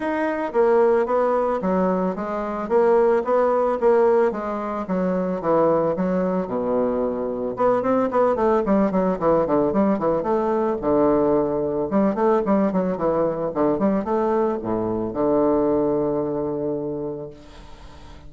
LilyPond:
\new Staff \with { instrumentName = "bassoon" } { \time 4/4 \tempo 4 = 111 dis'4 ais4 b4 fis4 | gis4 ais4 b4 ais4 | gis4 fis4 e4 fis4 | b,2 b8 c'8 b8 a8 |
g8 fis8 e8 d8 g8 e8 a4 | d2 g8 a8 g8 fis8 | e4 d8 g8 a4 a,4 | d1 | }